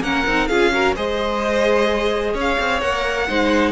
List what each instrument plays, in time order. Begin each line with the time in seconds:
0.00 cello A#3, viola C#4, violin A#4 F#5
0.26 cello C4, viola D#4
0.48 cello C#4, viola F4, violin G#4 F5
0.73 viola F#4, violin A#4
0.96 cello G#3, viola G#4, violin C5 D#5
2.34 cello C#4, violin C#5
2.41 violin F5
2.59 cello C4
2.81 cello A#3, viola A#4, violin F#5
3.28 cello G#3, viola D#4, violin C5